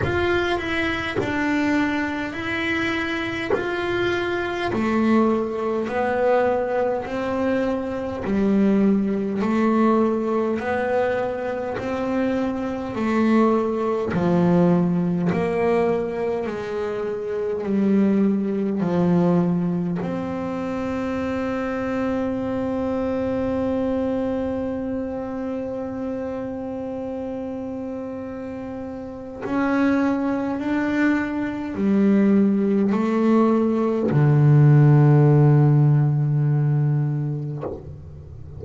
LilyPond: \new Staff \with { instrumentName = "double bass" } { \time 4/4 \tempo 4 = 51 f'8 e'8 d'4 e'4 f'4 | a4 b4 c'4 g4 | a4 b4 c'4 a4 | f4 ais4 gis4 g4 |
f4 c'2.~ | c'1~ | c'4 cis'4 d'4 g4 | a4 d2. | }